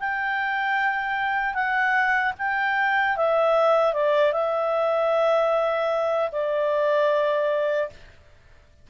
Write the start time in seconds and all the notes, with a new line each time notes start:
0.00 G5
1.54 F#5
2.39 G5
3.17 E5
3.94 D5
4.33 E5
6.32 D5